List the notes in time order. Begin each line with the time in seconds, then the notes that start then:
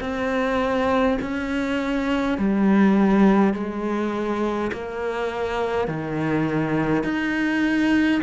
0.00 C4
1.21 C#4
2.38 G3
3.53 G#3
4.72 A#3
5.88 D#3
7.04 D#4